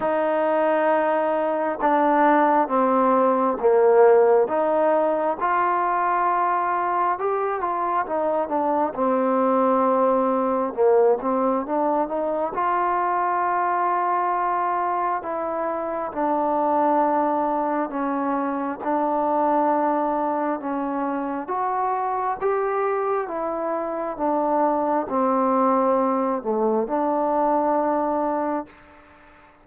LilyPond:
\new Staff \with { instrumentName = "trombone" } { \time 4/4 \tempo 4 = 67 dis'2 d'4 c'4 | ais4 dis'4 f'2 | g'8 f'8 dis'8 d'8 c'2 | ais8 c'8 d'8 dis'8 f'2~ |
f'4 e'4 d'2 | cis'4 d'2 cis'4 | fis'4 g'4 e'4 d'4 | c'4. a8 d'2 | }